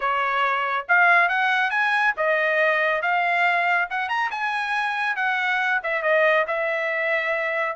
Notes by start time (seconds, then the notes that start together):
0.00 C#5
0.88 F5
1.28 F#5
1.70 G#5
2.16 D#5
3.02 F5
3.90 F#5
4.08 A#5
4.30 G#5
5.16 F#5
5.83 E5
6.02 D#5
6.47 E5